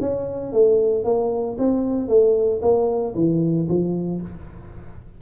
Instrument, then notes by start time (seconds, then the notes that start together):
tuba
0.00 C#4
0.53 A3
1.04 A#3
1.58 C4
2.08 A3
2.62 A#3
3.15 E3
3.68 F3